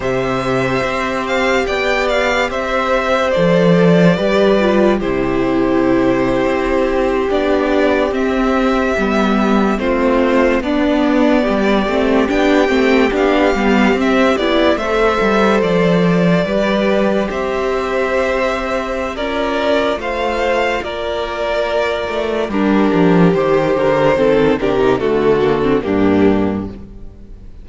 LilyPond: <<
  \new Staff \with { instrumentName = "violin" } { \time 4/4 \tempo 4 = 72 e''4. f''8 g''8 f''8 e''4 | d''2 c''2~ | c''8. d''4 e''2 c''16~ | c''8. d''2 g''4 f''16~ |
f''8. e''8 d''8 e''4 d''4~ d''16~ | d''8. e''2~ e''16 d''4 | f''4 d''2 ais'4 | c''4. ais'8 a'4 g'4 | }
  \new Staff \with { instrumentName = "violin" } { \time 4/4 c''2 d''4 c''4~ | c''4 b'4 g'2~ | g'2.~ g'8. f'16~ | f'8. d'4 g'2~ g'16~ |
g'4.~ g'16 c''2 b'16~ | b'8. c''2~ c''16 ais'4 | c''4 ais'2 d'4 | g'8 ais'8 a'8 g'8 fis'4 d'4 | }
  \new Staff \with { instrumentName = "viola" } { \time 4/4 g'1 | a'4 g'8 f'8 e'2~ | e'8. d'4 c'4 b4 c'16~ | c'8. b4. c'8 d'8 c'8 d'16~ |
d'16 b8 c'8 e'8 a'2 g'16~ | g'2. f'4~ | f'2. g'4~ | g'4 c'8 d'16 dis'16 a8 ais16 c'16 ais4 | }
  \new Staff \with { instrumentName = "cello" } { \time 4/4 c4 c'4 b4 c'4 | f4 g4 c4.~ c16 c'16~ | c'8. b4 c'4 g4 a16~ | a8. b4 g8 a8 b8 a8 b16~ |
b16 g8 c'8 b8 a8 g8 f4 g16~ | g8. c'2~ c'16 cis'4 | a4 ais4. a8 g8 f8 | dis8 d8 dis8 c8 d4 g,4 | }
>>